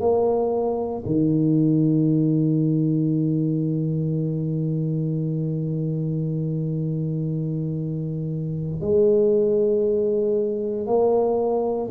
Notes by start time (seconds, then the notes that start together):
0.00 A#3
1.05 D#3
8.81 G#3
10.86 A#3